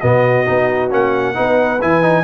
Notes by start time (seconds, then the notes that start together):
0.00 B2 B3 F#4 D#5
0.46 B3 D#4
0.90 A#3 C#4 F#5
1.35 B3 D#4 B4
1.82 E3 E4 G#5
2.02 D#4